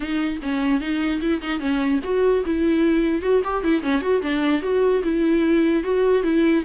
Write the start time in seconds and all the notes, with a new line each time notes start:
0.00 D#4
0.42 C#4
0.80 D#4
1.21 E4
1.41 D#4
1.59 C#4
2.03 F#4
2.45 E4
3.21 F#4
3.44 G4
3.63 E4
3.82 C#4
4.01 F#4
4.22 D4
4.62 F#4
5.03 E4
5.83 F#4
6.23 E4